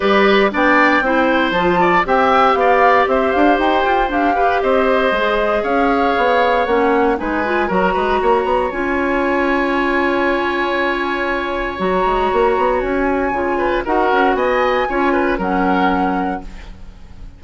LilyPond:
<<
  \new Staff \with { instrumentName = "flute" } { \time 4/4 \tempo 4 = 117 d''4 g''2 a''4 | g''4 f''4 e''8 f''8 g''4 | f''4 dis''2 f''4~ | f''4 fis''4 gis''4 ais''4~ |
ais''4 gis''2.~ | gis''2. ais''4~ | ais''4 gis''2 fis''4 | gis''2 fis''2 | }
  \new Staff \with { instrumentName = "oboe" } { \time 4/4 b'4 d''4 c''4. d''8 | e''4 d''4 c''2~ | c''8 b'8 c''2 cis''4~ | cis''2 b'4 ais'8 b'8 |
cis''1~ | cis''1~ | cis''2~ cis''8 b'8 ais'4 | dis''4 cis''8 b'8 ais'2 | }
  \new Staff \with { instrumentName = "clarinet" } { \time 4/4 g'4 d'4 e'4 f'4 | g'1 | d'8 g'4. gis'2~ | gis'4 cis'4 dis'8 f'8 fis'4~ |
fis'4 f'2.~ | f'2. fis'4~ | fis'2 f'4 fis'4~ | fis'4 f'4 cis'2 | }
  \new Staff \with { instrumentName = "bassoon" } { \time 4/4 g4 b4 c'4 f4 | c'4 b4 c'8 d'8 dis'8 f'8 | g'4 c'4 gis4 cis'4 | b4 ais4 gis4 fis8 gis8 |
ais8 b8 cis'2.~ | cis'2. fis8 gis8 | ais8 b8 cis'4 cis4 dis'8 cis'8 | b4 cis'4 fis2 | }
>>